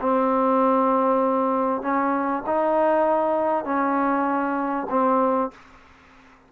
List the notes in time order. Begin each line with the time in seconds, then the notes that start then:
0.00 C4
1.82 C#4
2.46 D#4
3.65 C#4
4.90 C4